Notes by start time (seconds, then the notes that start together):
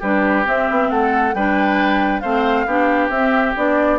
0.00 G3 D4 G4 B4
0.46 C4 E5
0.70 B3
0.91 A3 A4 F#5
1.35 G3 D4 B4 G5
2.21 A3 C4 C5 F5
2.66 B3 D4 G4
3.10 C4 E5
3.57 B3 D4 D5